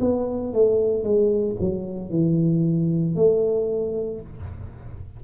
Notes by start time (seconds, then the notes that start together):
0.00 B3
0.53 A3
1.03 G#3
1.60 F#3
2.10 E3
3.15 A3